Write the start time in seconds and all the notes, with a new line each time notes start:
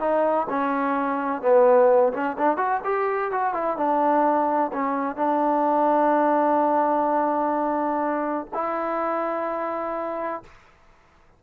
0.00 D#4
0.50 C#4
1.42 B3
2.13 C#4
2.38 D4
2.57 F#4
2.85 G4
3.32 F#4
3.54 E4
3.77 D4
4.73 C#4
5.16 D4
8.54 E4